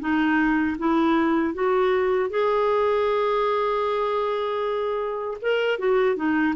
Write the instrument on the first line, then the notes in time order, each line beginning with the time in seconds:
clarinet
0.00 D#4
0.78 E4
1.54 F#4
2.30 G#4
5.42 A#4
5.79 F#4
6.16 D#4